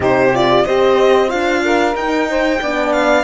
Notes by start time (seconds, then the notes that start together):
0.00 C3 D#4 G4 C5
0.34 F4 D5
0.64 C4 G4 C5 D#5
1.28 D4 F4 F5
1.63 A#4
1.95 D#4 G5
2.29 C5
2.61 B3 D4 D5
2.92 F5